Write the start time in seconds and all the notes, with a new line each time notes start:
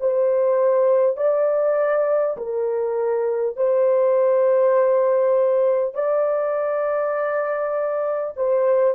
0.00 C5
1.17 D5
2.37 A#4
3.57 C5
5.95 D5
8.37 C5